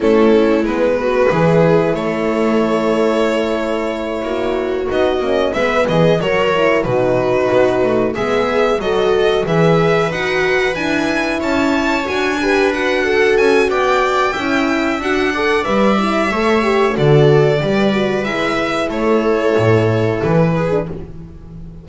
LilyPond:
<<
  \new Staff \with { instrumentName = "violin" } { \time 4/4 \tempo 4 = 92 a'4 b'2 cis''4~ | cis''2.~ cis''8 dis''8~ | dis''8 e''8 dis''8 cis''4 b'4.~ | b'8 e''4 dis''4 e''4 fis''8~ |
fis''8 gis''4 a''4 gis''4 fis''8~ | fis''8 gis''8 g''2 fis''4 | e''2 d''2 | e''4 cis''2 b'4 | }
  \new Staff \with { instrumentName = "viola" } { \time 4/4 e'4. fis'8 gis'4 a'4~ | a'2~ a'8 fis'4.~ | fis'8 b'8 gis'8 ais'4 fis'4.~ | fis'8 gis'4 a'4 b'4.~ |
b'4. cis''4. b'4 | a'4 d''4 e''4. d''8~ | d''4 cis''4 a'4 b'4~ | b'4 a'2~ a'8 gis'8 | }
  \new Staff \with { instrumentName = "horn" } { \time 4/4 cis'4 b4 e'2~ | e'2.~ e'8 dis'8 | cis'8 b4 fis'8 e'8 dis'4.~ | dis'8 b4 fis'4 gis'4 fis'8~ |
fis'8 e'2 fis'8 g'8 fis'8~ | fis'2 e'4 fis'8 a'8 | b'8 e'8 a'8 g'8 fis'4 g'8 fis'8 | e'2.~ e'8. d'16 | }
  \new Staff \with { instrumentName = "double bass" } { \time 4/4 a4 gis4 e4 a4~ | a2~ a8 ais4 b8 | ais8 gis8 e8 fis4 b,4 b8 | a8 gis4 fis4 e4 dis'8~ |
dis'8 d'4 cis'4 d'4.~ | d'8 cis'8 b4 cis'4 d'4 | g4 a4 d4 g4 | gis4 a4 a,4 e4 | }
>>